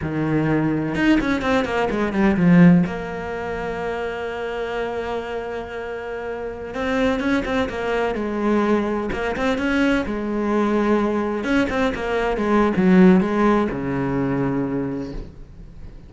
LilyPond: \new Staff \with { instrumentName = "cello" } { \time 4/4 \tempo 4 = 127 dis2 dis'8 cis'8 c'8 ais8 | gis8 g8 f4 ais2~ | ais1~ | ais2~ ais16 c'4 cis'8 c'16~ |
c'16 ais4 gis2 ais8 c'16~ | c'16 cis'4 gis2~ gis8.~ | gis16 cis'8 c'8 ais4 gis8. fis4 | gis4 cis2. | }